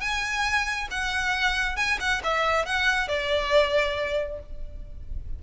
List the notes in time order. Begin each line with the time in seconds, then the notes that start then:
0.00 G#5
0.90 F#5
1.76 G#5
1.99 F#5
2.24 E5
2.65 F#5
3.08 D5